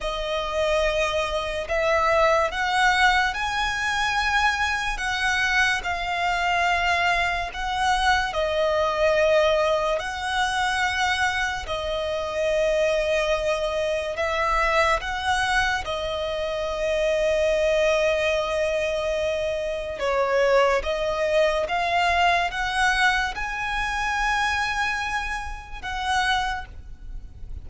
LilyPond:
\new Staff \with { instrumentName = "violin" } { \time 4/4 \tempo 4 = 72 dis''2 e''4 fis''4 | gis''2 fis''4 f''4~ | f''4 fis''4 dis''2 | fis''2 dis''2~ |
dis''4 e''4 fis''4 dis''4~ | dis''1 | cis''4 dis''4 f''4 fis''4 | gis''2. fis''4 | }